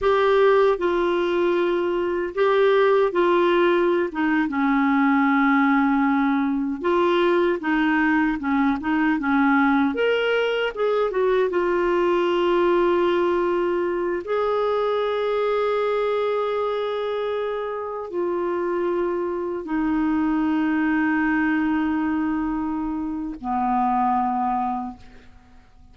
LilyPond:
\new Staff \with { instrumentName = "clarinet" } { \time 4/4 \tempo 4 = 77 g'4 f'2 g'4 | f'4~ f'16 dis'8 cis'2~ cis'16~ | cis'8. f'4 dis'4 cis'8 dis'8 cis'16~ | cis'8. ais'4 gis'8 fis'8 f'4~ f'16~ |
f'2~ f'16 gis'4.~ gis'16~ | gis'2.~ gis'16 f'8.~ | f'4~ f'16 dis'2~ dis'8.~ | dis'2 b2 | }